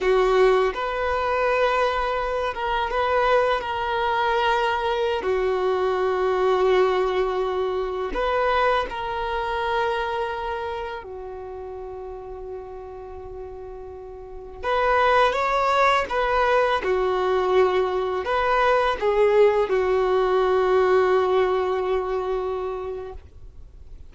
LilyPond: \new Staff \with { instrumentName = "violin" } { \time 4/4 \tempo 4 = 83 fis'4 b'2~ b'8 ais'8 | b'4 ais'2~ ais'16 fis'8.~ | fis'2.~ fis'16 b'8.~ | b'16 ais'2. fis'8.~ |
fis'1~ | fis'16 b'4 cis''4 b'4 fis'8.~ | fis'4~ fis'16 b'4 gis'4 fis'8.~ | fis'1 | }